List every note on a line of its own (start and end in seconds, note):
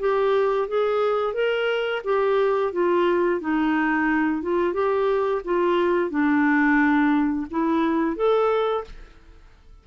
0.00 0.68 G4
0.68 1.34 G#4
1.34 2.02 A#4
2.05 2.73 G4
2.73 3.41 F4
3.41 4.42 D#4
4.42 4.74 F4
4.74 5.42 G4
5.45 6.10 F4
6.10 7.47 D4
7.51 8.16 E4
8.16 8.85 A4